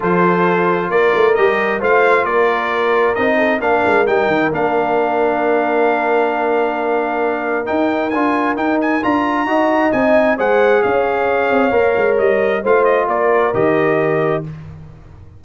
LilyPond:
<<
  \new Staff \with { instrumentName = "trumpet" } { \time 4/4 \tempo 4 = 133 c''2 d''4 dis''4 | f''4 d''2 dis''4 | f''4 g''4 f''2~ | f''1~ |
f''4 g''4 gis''4 g''8 gis''8 | ais''2 gis''4 fis''4 | f''2. dis''4 | f''8 dis''8 d''4 dis''2 | }
  \new Staff \with { instrumentName = "horn" } { \time 4/4 a'2 ais'2 | c''4 ais'2~ ais'8 a'8 | ais'1~ | ais'1~ |
ais'1~ | ais'4 dis''2 c''4 | cis''1 | c''4 ais'2. | }
  \new Staff \with { instrumentName = "trombone" } { \time 4/4 f'2. g'4 | f'2. dis'4 | d'4 dis'4 d'2~ | d'1~ |
d'4 dis'4 f'4 dis'4 | f'4 fis'4 dis'4 gis'4~ | gis'2 ais'2 | f'2 g'2 | }
  \new Staff \with { instrumentName = "tuba" } { \time 4/4 f2 ais8 a8 g4 | a4 ais2 c'4 | ais8 gis8 g8 dis8 ais2~ | ais1~ |
ais4 dis'4 d'4 dis'4 | d'4 dis'4 c'4 gis4 | cis'4. c'8 ais8 gis8 g4 | a4 ais4 dis2 | }
>>